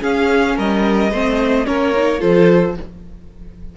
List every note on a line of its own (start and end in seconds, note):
0.00 1.10 C#4
0.00 0.58 C#4
0.00 0.56 G#4
0.00 0.58 F5
0.56 1.12 G3
0.56 1.11 A#4
0.56 1.66 D#5
1.11 1.67 A3
1.11 1.66 C4
1.11 1.66 C5
1.66 2.22 A#3
1.66 1.93 C#4
1.66 2.20 A#4
1.66 2.21 C#5
1.96 2.19 D#4
2.19 2.77 F3
2.19 2.74 F4
2.19 2.75 A4
2.19 2.76 C5